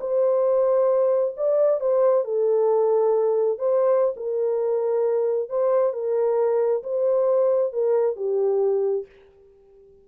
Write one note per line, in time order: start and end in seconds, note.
0.00 1.34 C5
1.37 1.80 D5
1.80 2.24 C5
2.24 3.58 A4
3.58 4.14 C5
4.16 5.49 A#4
5.49 5.93 C5
5.93 6.82 A#4
6.83 7.72 C5
7.72 8.16 A#4
8.16 9.05 G4